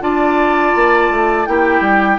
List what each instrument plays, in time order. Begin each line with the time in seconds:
0.00 bassoon D4, clarinet F4, oboe D5, flute A5
0.75 bassoon A#3
1.10 bassoon A3
1.46 bassoon A#3, clarinet E4, oboe G4, flute G5
1.81 bassoon G3